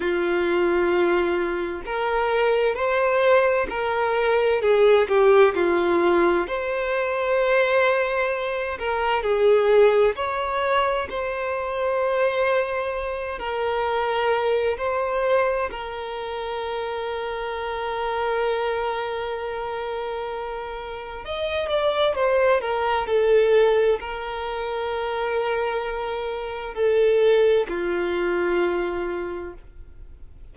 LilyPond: \new Staff \with { instrumentName = "violin" } { \time 4/4 \tempo 4 = 65 f'2 ais'4 c''4 | ais'4 gis'8 g'8 f'4 c''4~ | c''4. ais'8 gis'4 cis''4 | c''2~ c''8 ais'4. |
c''4 ais'2.~ | ais'2. dis''8 d''8 | c''8 ais'8 a'4 ais'2~ | ais'4 a'4 f'2 | }